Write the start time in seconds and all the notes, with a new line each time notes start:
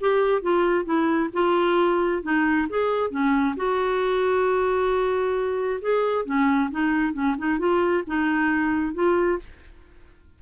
0.00 G4
0.42 F4
0.85 E4
1.33 F4
2.22 D#4
2.69 G#4
3.10 C#4
3.56 F#4
5.81 G#4
6.25 C#4
6.70 D#4
7.13 C#4
7.38 D#4
7.58 F4
8.07 D#4
8.94 F4